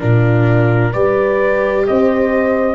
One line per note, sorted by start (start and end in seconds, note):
0.00 0.95 A#2
0.00 0.92 D4
0.00 0.93 F4
0.00 0.93 A#4
0.93 1.87 G3
0.93 2.75 G4
0.93 1.85 B4
0.93 1.86 D5
1.87 2.75 C4
1.87 2.75 C5
1.87 2.75 D#5